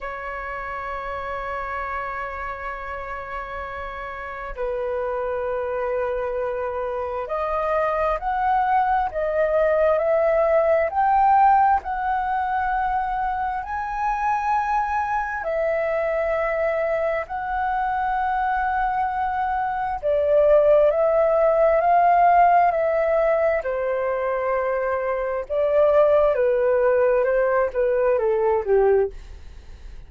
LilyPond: \new Staff \with { instrumentName = "flute" } { \time 4/4 \tempo 4 = 66 cis''1~ | cis''4 b'2. | dis''4 fis''4 dis''4 e''4 | g''4 fis''2 gis''4~ |
gis''4 e''2 fis''4~ | fis''2 d''4 e''4 | f''4 e''4 c''2 | d''4 b'4 c''8 b'8 a'8 g'8 | }